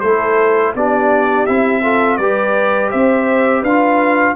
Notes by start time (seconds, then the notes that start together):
0.00 A3 E4 A4 C5
0.75 B3 D4 G4 D5
1.46 C4 E4 E5
1.82 F4 A4
2.17 G3 G4 B4 D5
2.90 C4 C5 E5
3.61 D4 B4 F5
3.68 F4